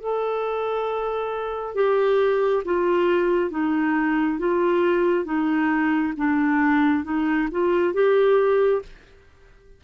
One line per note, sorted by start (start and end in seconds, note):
0.00 1.75 A4
1.75 2.63 G4
2.65 3.51 F4
3.51 4.39 D#4
4.39 5.25 F4
5.25 6.13 D#4
6.17 7.04 D4
7.04 7.48 D#4
7.51 7.94 F4
7.94 8.82 G4